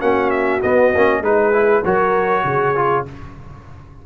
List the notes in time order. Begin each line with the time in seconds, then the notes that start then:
0.00 A#3 C#4 F#4 F#5
0.30 E5
0.62 B3 D#5
0.95 A#3 C#4
1.21 G#3 D#4 G#4 B4
1.53 E4
1.83 F#3 F#4 A#4 C#5
2.44 C#3 G#4
2.75 F4